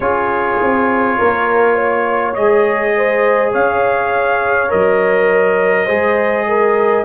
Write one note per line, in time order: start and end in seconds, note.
0.00 0.58 C#4
0.00 2.36 F4
0.00 1.18 G#4
0.00 2.34 C#5
0.60 1.19 C4
1.18 2.36 A#3
1.18 1.75 A#4
1.75 2.93 C#5
2.34 3.54 G#3
2.34 4.68 G#4
2.34 3.51 D#5
2.96 3.52 C5
3.52 4.72 C#4
3.52 5.85 C#5
3.52 4.71 F5
4.68 5.88 F#3
4.68 5.86 A#4
4.68 7.04 D#5
5.85 7.04 G#3
5.85 7.04 G#4
5.85 6.44 C5
6.47 7.04 A#4